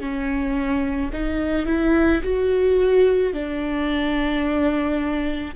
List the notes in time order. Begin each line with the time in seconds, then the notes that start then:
0.00 C#4
1.13 D#4
1.66 E4
2.23 F#4
3.33 D4